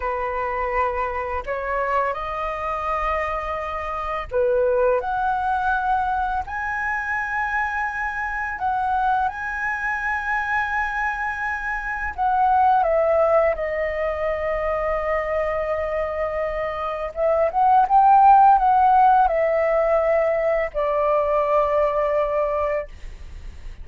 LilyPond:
\new Staff \with { instrumentName = "flute" } { \time 4/4 \tempo 4 = 84 b'2 cis''4 dis''4~ | dis''2 b'4 fis''4~ | fis''4 gis''2. | fis''4 gis''2.~ |
gis''4 fis''4 e''4 dis''4~ | dis''1 | e''8 fis''8 g''4 fis''4 e''4~ | e''4 d''2. | }